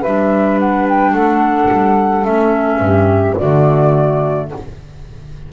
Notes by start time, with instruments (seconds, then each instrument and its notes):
0.00 double bass G3, clarinet D4, saxophone B4, flute E5
0.59 flute F#5
0.89 flute G5
1.13 double bass A3, saxophone A4, flute F#5
1.71 double bass G3
2.24 double bass A3, clarinet C#4, flute E5
2.79 double bass G2, saxophone G4
3.37 double bass D3, clarinet A3, saxophone F#4, flute D5